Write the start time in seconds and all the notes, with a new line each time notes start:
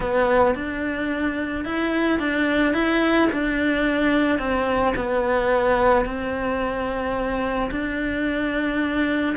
0.00 B3
0.55 D4
1.65 E4
2.19 D4
2.73 E4
3.32 D4
4.38 C4
4.95 B3
6.05 C4
7.71 D4